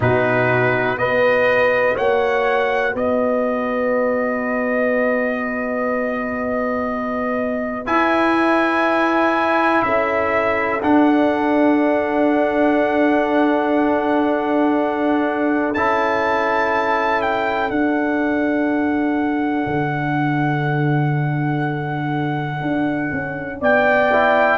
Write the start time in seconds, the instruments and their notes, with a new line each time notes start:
0.00 tuba B2, trombone D#4, horn F#4, trumpet B4
0.97 tuba B3, trombone F#4, horn B4, trumpet D#5
1.95 tuba A#3, horn C#5, trumpet F#5
2.93 tuba B3, horn B4, trumpet D#5
7.86 trombone E4, tuba E4, trumpet G#5
9.82 tuba C#4, horn A4, trumpet E5
10.82 trombone D4, tuba D4, trumpet F#5
15.74 tuba C#4, trombone E4, trumpet A5
17.21 trumpet G5
17.69 tuba D4, trombone D4, trumpet F#5
19.66 tuba D3
22.61 tuba D4
23.11 tuba C#4
23.59 tuba B3, horn D5, trumpet G5
24.11 trombone E4